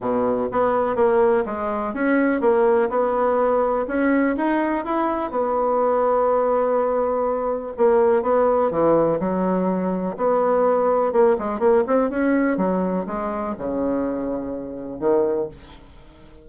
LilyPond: \new Staff \with { instrumentName = "bassoon" } { \time 4/4 \tempo 4 = 124 b,4 b4 ais4 gis4 | cis'4 ais4 b2 | cis'4 dis'4 e'4 b4~ | b1 |
ais4 b4 e4 fis4~ | fis4 b2 ais8 gis8 | ais8 c'8 cis'4 fis4 gis4 | cis2. dis4 | }